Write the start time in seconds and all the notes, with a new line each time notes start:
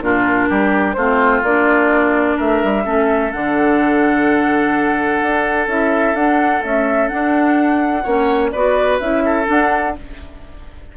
0.00 A#2 D4 F4 A#4
0.49 G3 G4
0.93 A3 C4 F4 C5
1.43 A#3 D4 D5
2.36 A3 A#4 E5
2.64 G3
2.84 A3 C#4 A4
3.32 D3 D4 F#5
5.22 D4
5.67 C#4 E4 E5
6.14 D4 F#5
6.62 A3 C#4 E5
7.08 D4 F#5
8.04 A#3 C#4 C#5
8.51 B3 F#4 B4 D5
9.00 C#4 E4 E5
9.25 A4
9.45 D4 F#5